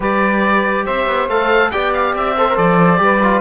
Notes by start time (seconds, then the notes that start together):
0.00 G3 G4 B4 D5
0.85 C4 C5 E5
1.06 B3
1.27 A3 A4 F5
1.70 B3 G4 D5 G5
1.93 F5
2.14 C4 E5
2.36 A4 C5
2.49 A#4
2.56 F3 A4 D5
2.97 G3 G4 B4
3.22 F4